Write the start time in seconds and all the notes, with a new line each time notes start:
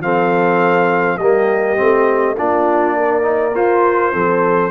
0.00 F3 C4 A4 F5
1.17 G3 A#3 G4 D#5
1.76 A3 C4
2.37 A#3 D4 F4 D5
2.96 A#4
3.22 D#4
3.55 F4 C5
4.12 F3 C4 A4